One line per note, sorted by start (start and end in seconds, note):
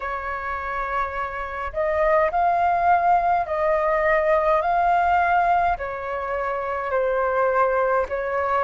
0.00 1.72 C#5
1.73 2.30 D#5
2.31 3.46 F5
3.46 4.62 D#5
4.62 5.77 F5
5.77 6.90 C#5
6.90 8.06 C5
8.08 8.64 C#5